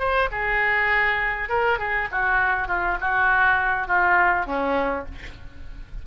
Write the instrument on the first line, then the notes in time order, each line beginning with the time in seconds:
oboe
0.00 C5
0.32 G#4
1.49 A#4
1.79 G#4
2.12 F#4
2.68 F4
3.01 F#4
3.88 F4
4.47 C#4